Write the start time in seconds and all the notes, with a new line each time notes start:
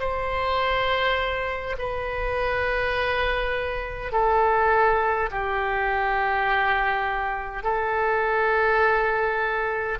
0.00 C5
1.79 B4
4.12 A4
5.32 G4
7.64 A4